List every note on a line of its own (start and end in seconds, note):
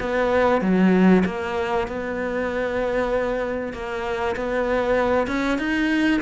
0.00 0.61 B3
0.61 1.24 F#3
1.25 1.87 A#3
1.87 3.73 B3
3.73 4.36 A#3
4.36 5.27 B3
5.27 5.58 C#4
5.58 6.21 D#4